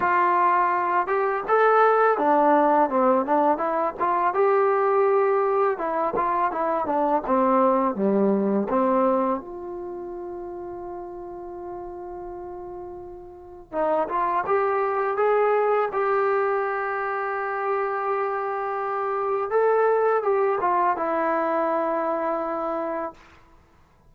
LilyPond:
\new Staff \with { instrumentName = "trombone" } { \time 4/4 \tempo 4 = 83 f'4. g'8 a'4 d'4 | c'8 d'8 e'8 f'8 g'2 | e'8 f'8 e'8 d'8 c'4 g4 | c'4 f'2.~ |
f'2. dis'8 f'8 | g'4 gis'4 g'2~ | g'2. a'4 | g'8 f'8 e'2. | }